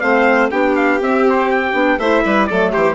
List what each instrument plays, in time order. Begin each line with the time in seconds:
0.00 bassoon A3, clarinet C4, violin C5, trumpet F5
0.50 bassoon B3, clarinet D4, violin G4, trumpet G5
0.75 trumpet F5
1.00 clarinet C4, bassoon C4, trumpet E5
1.29 trumpet C5
1.51 trumpet G5
1.73 bassoon B3, clarinet D4
1.98 bassoon A3, clarinet E4, violin C5, trumpet E5
2.24 bassoon G3, violin B4
2.46 bassoon F#3, clarinet A3, violin A4, trumpet D5
2.71 bassoon E3, violin G4, trumpet C5